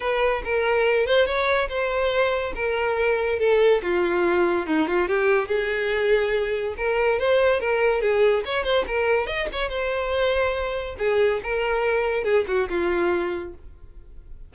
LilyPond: \new Staff \with { instrumentName = "violin" } { \time 4/4 \tempo 4 = 142 b'4 ais'4. c''8 cis''4 | c''2 ais'2 | a'4 f'2 dis'8 f'8 | g'4 gis'2. |
ais'4 c''4 ais'4 gis'4 | cis''8 c''8 ais'4 dis''8 cis''8 c''4~ | c''2 gis'4 ais'4~ | ais'4 gis'8 fis'8 f'2 | }